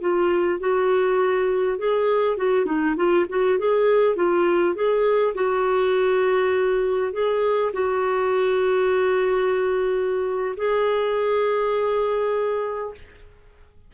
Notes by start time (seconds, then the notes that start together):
0.00 F4
0.59 F#4
1.78 G#4
2.37 F#4
2.65 D#4
2.96 F4
3.29 F#4
3.58 G#4
4.16 F4
4.74 G#4
5.34 F#4
7.12 G#4
7.73 F#4
10.56 G#4